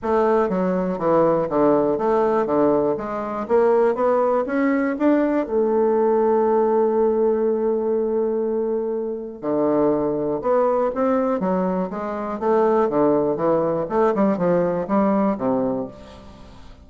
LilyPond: \new Staff \with { instrumentName = "bassoon" } { \time 4/4 \tempo 4 = 121 a4 fis4 e4 d4 | a4 d4 gis4 ais4 | b4 cis'4 d'4 a4~ | a1~ |
a2. d4~ | d4 b4 c'4 fis4 | gis4 a4 d4 e4 | a8 g8 f4 g4 c4 | }